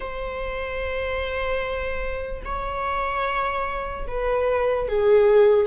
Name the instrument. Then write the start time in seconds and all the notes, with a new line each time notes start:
viola
0.00 C5
2.44 C#5
4.07 B4
4.88 G#4